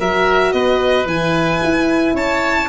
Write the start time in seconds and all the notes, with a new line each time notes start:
0.00 F#3 F#4 A#4 E5
0.53 B3 B4 D#5
1.06 E3 E4 G#5
1.64 E4
2.14 C#4 C#5 A5